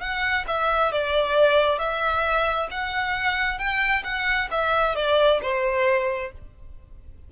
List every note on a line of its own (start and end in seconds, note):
0.00 0.45 F#5
0.47 0.92 E5
0.92 1.78 D5
1.78 2.68 E5
2.71 3.58 F#5
3.58 4.03 G5
4.04 4.49 F#5
4.51 4.95 E5
4.95 5.40 D5
5.42 6.31 C5